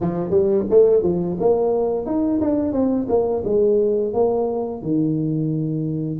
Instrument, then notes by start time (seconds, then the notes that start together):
tuba
0.01 F3
0.30 G3
0.70 A3
1.03 F3
1.39 A#3
2.06 D#4
2.41 D4
2.72 C4
3.08 A#3
3.44 G#3
4.13 A#3
4.82 D#3